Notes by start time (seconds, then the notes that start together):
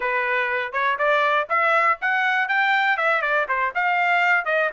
0.00 B4
0.72 C#5
0.98 D5
1.49 E5
2.01 F#5
2.48 G5
2.97 E5
3.21 D5
3.48 C5
3.74 F5
4.45 D#5